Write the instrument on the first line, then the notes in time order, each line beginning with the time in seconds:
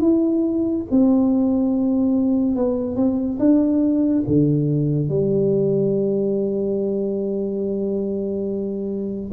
tuba
0.00 E4
0.90 C4
2.55 B3
2.96 C4
3.39 D4
4.27 D3
5.09 G3